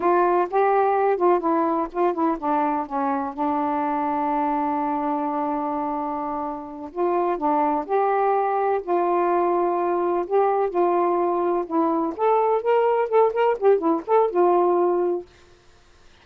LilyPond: \new Staff \with { instrumentName = "saxophone" } { \time 4/4 \tempo 4 = 126 f'4 g'4. f'8 e'4 | f'8 e'8 d'4 cis'4 d'4~ | d'1~ | d'2~ d'8 f'4 d'8~ |
d'8 g'2 f'4.~ | f'4. g'4 f'4.~ | f'8 e'4 a'4 ais'4 a'8 | ais'8 g'8 e'8 a'8 f'2 | }